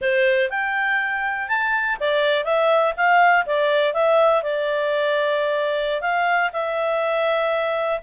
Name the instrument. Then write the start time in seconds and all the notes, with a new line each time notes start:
clarinet
0.01 C5
0.50 G5
1.48 A5
2.00 D5
2.44 E5
2.96 F5
3.46 D5
3.93 E5
4.42 D5
6.01 F5
6.52 E5